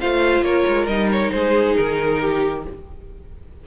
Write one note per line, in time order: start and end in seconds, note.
0.00 0.41 A3
0.00 0.89 F4
0.00 0.44 C5
0.00 0.44 F5
0.41 0.63 A#3
0.41 1.33 A#4
0.41 0.87 C#5
0.68 0.87 G#3
0.87 1.31 G3
0.87 2.65 D#4
0.87 1.09 D#5
1.12 1.31 C#5
1.31 1.77 G#3
1.31 2.21 G#4
1.31 1.75 C5
1.76 2.66 D#3
1.76 2.64 A#4
2.21 2.64 G4